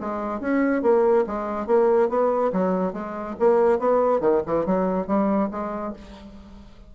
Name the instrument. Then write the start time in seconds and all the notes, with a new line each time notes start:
bassoon
0.00 G#3
0.40 C#4
0.82 A#3
1.27 G#3
1.66 A#3
2.09 B3
2.52 F#3
2.93 G#3
3.39 A#3
3.79 B3
4.20 D#3
4.46 E3
4.66 F#3
5.07 G3
5.51 G#3